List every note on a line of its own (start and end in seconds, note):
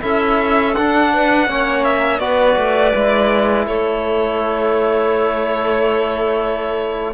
0.00 0.76 C#4
0.00 0.73 E4
0.00 1.11 A4
0.00 0.74 E5
0.74 1.48 D4
0.74 1.47 D4
0.74 1.84 F#5
1.12 1.49 B4
1.47 2.19 A#3
1.47 2.20 C#4
1.47 2.21 C#5
1.84 2.19 E5
2.19 2.55 B3
2.19 2.93 F#4
2.19 3.66 B4
2.19 3.65 D5
2.56 2.93 A3
2.94 3.67 G#3
2.94 7.14 E4
3.66 7.14 A3
3.66 7.14 A4
3.66 7.14 C#5